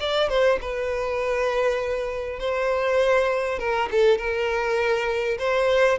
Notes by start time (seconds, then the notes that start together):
0.00 D5
0.29 C5
0.61 B4
2.40 C5
3.59 A#4
3.92 A4
4.18 A#4
5.39 C5